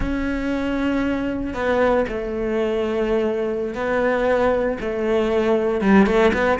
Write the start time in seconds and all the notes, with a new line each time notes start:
0.00 C#4
1.54 B3
2.08 A3
3.74 B3
4.80 A3
5.81 G3
6.06 A3
6.33 B3